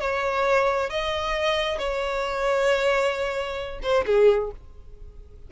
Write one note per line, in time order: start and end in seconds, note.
0.00 0.90 C#5
0.90 1.78 D#5
1.78 3.80 C#5
3.82 4.05 C5
4.06 4.51 G#4